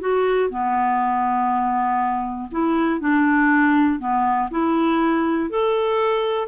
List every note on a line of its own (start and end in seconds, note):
0.00 0.50 F#4
0.50 2.50 B3
2.51 3.00 E4
3.00 3.99 D4
3.99 4.49 B3
4.50 5.50 E4
5.50 6.47 A4